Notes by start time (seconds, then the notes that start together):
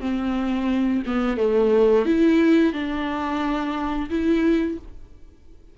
0.00 C4
1.06 B3
1.37 A3
2.05 E4
2.73 D4
4.09 E4